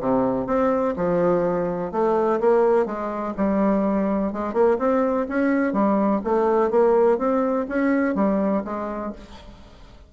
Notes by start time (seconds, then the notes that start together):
0.00 C3
0.46 C4
0.96 F3
1.92 A3
2.40 A#3
2.86 G#3
3.37 G3
4.33 G#3
4.53 A#3
4.78 C4
5.29 C#4
5.73 G3
6.24 A3
6.70 A#3
7.18 C4
7.69 C#4
8.15 G3
8.64 G#3